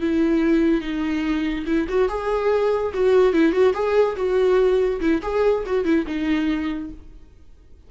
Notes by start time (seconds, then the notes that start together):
0.00 E4
0.81 D#4
1.66 E4
1.88 F#4
2.08 G#4
2.93 F#4
3.32 E4
3.52 F#4
3.74 G#4
4.16 F#4
5.00 E4
5.22 G#4
5.66 F#4
5.84 E4
6.06 D#4